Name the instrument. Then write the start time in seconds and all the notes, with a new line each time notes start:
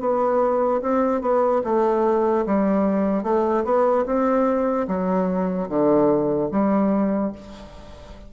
bassoon
0.00 B3
0.81 C4
1.21 B3
1.64 A3
2.46 G3
3.23 A3
3.64 B3
4.06 C4
4.87 F#3
5.69 D3
6.51 G3